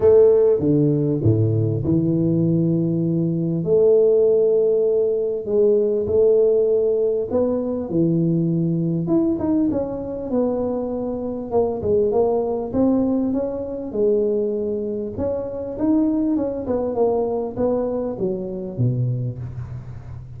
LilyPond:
\new Staff \with { instrumentName = "tuba" } { \time 4/4 \tempo 4 = 99 a4 d4 a,4 e4~ | e2 a2~ | a4 gis4 a2 | b4 e2 e'8 dis'8 |
cis'4 b2 ais8 gis8 | ais4 c'4 cis'4 gis4~ | gis4 cis'4 dis'4 cis'8 b8 | ais4 b4 fis4 b,4 | }